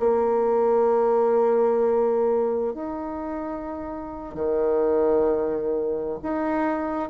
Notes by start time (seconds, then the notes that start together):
0.00 A#3
2.74 D#4
4.35 D#3
6.23 D#4